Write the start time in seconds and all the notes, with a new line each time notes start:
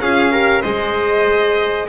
0.00 C#4 F4 G#4 F5
0.31 G4 A#4
0.61 G#3 G#4 C5 D#5